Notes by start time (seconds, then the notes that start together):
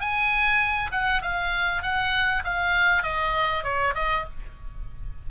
0.00 G#5
0.92 F#5
1.22 F5
1.82 F#5
2.45 F5
3.03 D#5
3.64 C#5
3.95 D#5